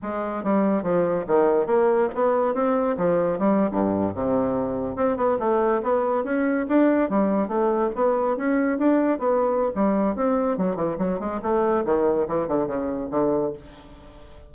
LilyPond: \new Staff \with { instrumentName = "bassoon" } { \time 4/4 \tempo 4 = 142 gis4 g4 f4 dis4 | ais4 b4 c'4 f4 | g8. g,4 c2 c'16~ | c'16 b8 a4 b4 cis'4 d'16~ |
d'8. g4 a4 b4 cis'16~ | cis'8. d'4 b4~ b16 g4 | c'4 fis8 e8 fis8 gis8 a4 | dis4 e8 d8 cis4 d4 | }